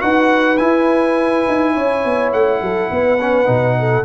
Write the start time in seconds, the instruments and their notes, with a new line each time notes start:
0.00 tuba D#4, trombone F#4, horn B4, trumpet F#5
0.57 trombone E4, tuba E4, trumpet G#5
1.48 tuba D#4
1.74 tuba C#4, horn C#5
2.05 tuba B3
2.33 tuba A3, trumpet F#5
2.62 tuba F#3, horn A4
2.91 tuba B3, horn B4
3.21 trombone C#4
3.46 tuba B2, trombone D#4
3.80 horn A4